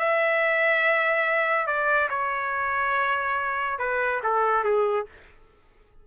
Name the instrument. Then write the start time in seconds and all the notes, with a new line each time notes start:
trumpet
0.00 E5
1.67 D5
2.10 C#5
3.79 B4
4.24 A4
4.64 G#4